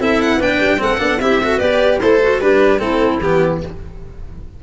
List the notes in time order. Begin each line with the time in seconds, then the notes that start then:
0.00 C4 E4 A4 E5
0.22 F#5
0.37 B3 D4 B4 G5
0.60 G3
0.78 A3 C4 A4 F#5
0.99 B3 D4
1.20 C4 E4 G4 E5
1.43 F#4 A4
1.57 B3 G4 B4 D5
1.99 A3 E4 A4 C5
2.22 F#4
2.40 G3 D4 G4 B4
2.79 A3 C4 E4 A4
3.19 E3 B3 G4